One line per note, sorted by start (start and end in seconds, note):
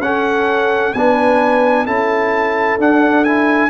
0.00 0.92 C#4
0.00 0.95 C#4
0.00 0.95 A4
0.00 0.93 F#5
0.93 1.86 B3
0.93 1.86 D4
0.93 1.86 B4
0.93 1.86 G#5
1.86 2.78 C#4
1.86 2.79 E4
1.86 3.70 A4
1.86 2.78 A5
2.78 3.70 D4
2.78 3.25 D4
2.78 3.24 F#5
3.24 3.70 E4
3.24 3.70 G#5